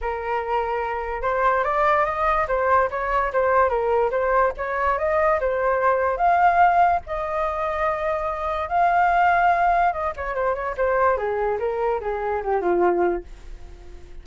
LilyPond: \new Staff \with { instrumentName = "flute" } { \time 4/4 \tempo 4 = 145 ais'2. c''4 | d''4 dis''4 c''4 cis''4 | c''4 ais'4 c''4 cis''4 | dis''4 c''2 f''4~ |
f''4 dis''2.~ | dis''4 f''2. | dis''8 cis''8 c''8 cis''8 c''4 gis'4 | ais'4 gis'4 g'8 f'4. | }